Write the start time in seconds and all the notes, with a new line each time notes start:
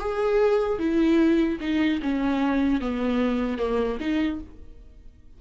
0.00 G#4
0.79 E4
1.61 D#4
2.02 C#4
2.81 B3
3.59 A#3
4.01 D#4